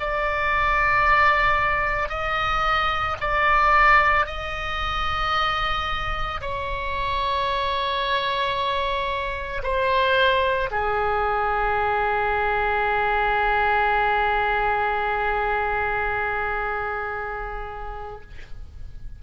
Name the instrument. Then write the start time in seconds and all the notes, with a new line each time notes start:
oboe
0.00 D5
2.09 D#5
3.21 D5
4.27 D#5
6.41 C#5
9.63 C5
10.71 G#4